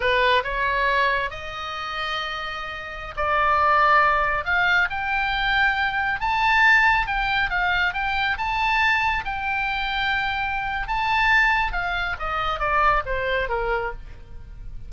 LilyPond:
\new Staff \with { instrumentName = "oboe" } { \time 4/4 \tempo 4 = 138 b'4 cis''2 dis''4~ | dis''2.~ dis''16 d''8.~ | d''2~ d''16 f''4 g''8.~ | g''2~ g''16 a''4.~ a''16~ |
a''16 g''4 f''4 g''4 a''8.~ | a''4~ a''16 g''2~ g''8.~ | g''4 a''2 f''4 | dis''4 d''4 c''4 ais'4 | }